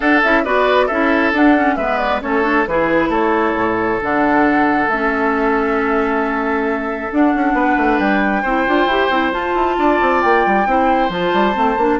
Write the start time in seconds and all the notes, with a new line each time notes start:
0.00 D4 A4 F#5
0.23 C#4 E4 E5
0.44 B3 F#4 B4 D5
0.86 C#4 E4 A4 E5
1.32 D4 F#5
1.56 C#4
1.76 G#3 B3 B4 E5
1.98 D5
2.21 A3 C#4 A4 C#5
2.42 D4
2.67 E3 E4 G#4 B4
3.09 A3 A4 C#5
3.53 A2
4.00 D3 D4 F#5
4.87 A3 C#4 E5
7.10 D4 F#5
7.35 C#4
7.53 B3 B4
7.77 A3
7.99 G3 G5
8.42 C4 E4 C5
8.67 D4 F4
8.86 E4 G4
9.09 C4 E4
9.32 F4 A5
9.54 E4
9.78 D4 D5
10.01 C4
10.21 A#3 G5
10.46 G3
10.66 C4 E4 C5
11.09 F3 F4 A5
11.33 G3
11.53 A3 C4
11.77 A#3 D4